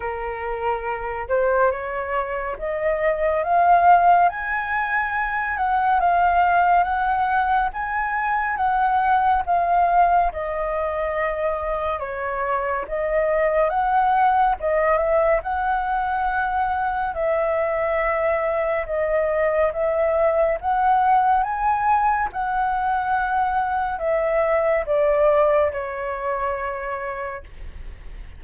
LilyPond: \new Staff \with { instrumentName = "flute" } { \time 4/4 \tempo 4 = 70 ais'4. c''8 cis''4 dis''4 | f''4 gis''4. fis''8 f''4 | fis''4 gis''4 fis''4 f''4 | dis''2 cis''4 dis''4 |
fis''4 dis''8 e''8 fis''2 | e''2 dis''4 e''4 | fis''4 gis''4 fis''2 | e''4 d''4 cis''2 | }